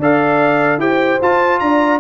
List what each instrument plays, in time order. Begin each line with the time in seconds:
0.00 tuba D4, trombone A4, horn D5, trumpet F5
0.78 tuba E4, trombone G4, horn C5, trumpet G5
1.22 tuba F4, trombone F4, trumpet A5
1.60 tuba D4, horn D5, trumpet A#5